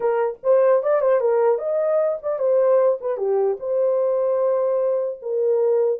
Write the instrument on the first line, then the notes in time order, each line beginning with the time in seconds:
horn
0.00 A#4
0.43 C5
0.82 D5
1.00 C5
1.20 A#4
1.58 D#5
2.22 D5
2.39 C5
3.01 B4
3.17 G4
3.59 C5
5.22 A#4